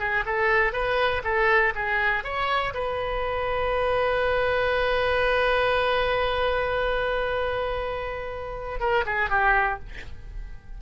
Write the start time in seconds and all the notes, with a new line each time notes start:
0.00 G#4
0.26 A4
0.73 B4
1.24 A4
1.75 G#4
2.24 C#5
2.74 B4
8.80 A#4
9.06 G#4
9.30 G4